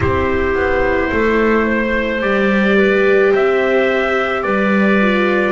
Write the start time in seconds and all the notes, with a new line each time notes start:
0.00 C4 E4 G4 C5
0.55 B3
1.11 A3 A4
1.66 C5
2.21 G3 G4 D5
2.77 B4
3.31 C4 C5 E5
4.42 G3 B4 D5
5.01 F4